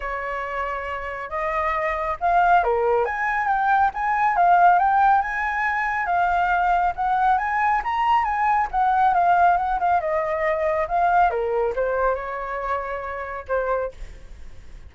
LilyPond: \new Staff \with { instrumentName = "flute" } { \time 4/4 \tempo 4 = 138 cis''2. dis''4~ | dis''4 f''4 ais'4 gis''4 | g''4 gis''4 f''4 g''4 | gis''2 f''2 |
fis''4 gis''4 ais''4 gis''4 | fis''4 f''4 fis''8 f''8 dis''4~ | dis''4 f''4 ais'4 c''4 | cis''2. c''4 | }